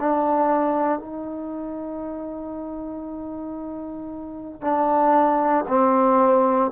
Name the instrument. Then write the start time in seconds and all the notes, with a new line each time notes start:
trombone
0.00 D4
1.00 D#4
4.62 D4
5.68 C4